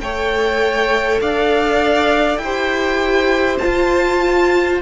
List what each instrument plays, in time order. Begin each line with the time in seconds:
0.00 cello A3, viola A4, violin C#5 G5
1.21 cello D4, violin D5 F5
2.37 cello E4, violin G5
2.43 viola G4, violin C5
3.58 viola F4, violin A5
3.64 cello F4